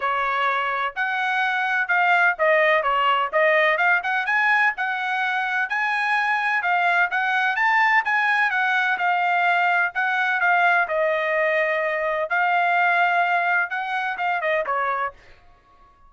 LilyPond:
\new Staff \with { instrumentName = "trumpet" } { \time 4/4 \tempo 4 = 127 cis''2 fis''2 | f''4 dis''4 cis''4 dis''4 | f''8 fis''8 gis''4 fis''2 | gis''2 f''4 fis''4 |
a''4 gis''4 fis''4 f''4~ | f''4 fis''4 f''4 dis''4~ | dis''2 f''2~ | f''4 fis''4 f''8 dis''8 cis''4 | }